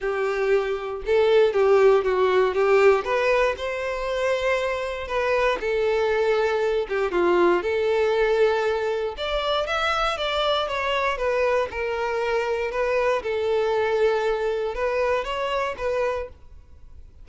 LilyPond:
\new Staff \with { instrumentName = "violin" } { \time 4/4 \tempo 4 = 118 g'2 a'4 g'4 | fis'4 g'4 b'4 c''4~ | c''2 b'4 a'4~ | a'4. g'8 f'4 a'4~ |
a'2 d''4 e''4 | d''4 cis''4 b'4 ais'4~ | ais'4 b'4 a'2~ | a'4 b'4 cis''4 b'4 | }